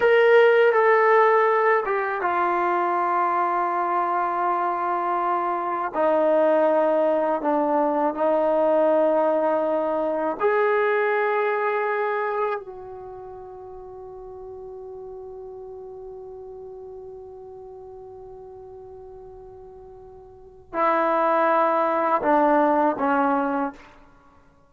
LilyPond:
\new Staff \with { instrumentName = "trombone" } { \time 4/4 \tempo 4 = 81 ais'4 a'4. g'8 f'4~ | f'1 | dis'2 d'4 dis'4~ | dis'2 gis'2~ |
gis'4 fis'2.~ | fis'1~ | fis'1 | e'2 d'4 cis'4 | }